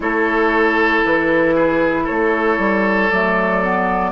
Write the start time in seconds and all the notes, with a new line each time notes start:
0.00 A3 E4 A4 C#5
1.05 E3 B4
1.55 G#4
2.04 A4 C#5
2.10 A3
2.58 G3
3.10 F#3 A3 D5
3.62 B3